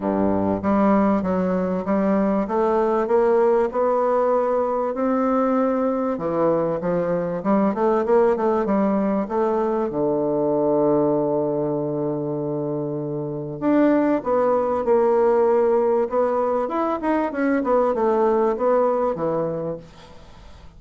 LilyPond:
\new Staff \with { instrumentName = "bassoon" } { \time 4/4 \tempo 4 = 97 g,4 g4 fis4 g4 | a4 ais4 b2 | c'2 e4 f4 | g8 a8 ais8 a8 g4 a4 |
d1~ | d2 d'4 b4 | ais2 b4 e'8 dis'8 | cis'8 b8 a4 b4 e4 | }